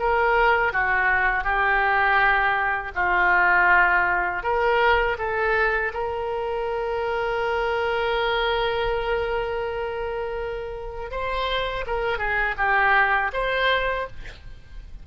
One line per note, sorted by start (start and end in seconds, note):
0.00 0.73 A#4
0.73 1.44 F#4
1.44 2.92 G4
2.95 4.43 F4
4.43 5.18 A#4
5.19 5.93 A4
5.94 11.11 A#4
11.11 11.85 C5
11.87 12.19 A#4
12.19 12.56 G#4
12.58 13.32 G4
13.33 14.07 C5